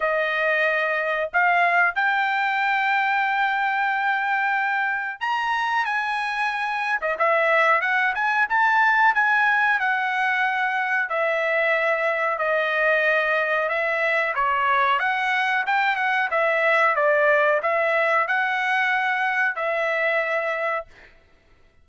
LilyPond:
\new Staff \with { instrumentName = "trumpet" } { \time 4/4 \tempo 4 = 92 dis''2 f''4 g''4~ | g''1 | ais''4 gis''4.~ gis''16 dis''16 e''4 | fis''8 gis''8 a''4 gis''4 fis''4~ |
fis''4 e''2 dis''4~ | dis''4 e''4 cis''4 fis''4 | g''8 fis''8 e''4 d''4 e''4 | fis''2 e''2 | }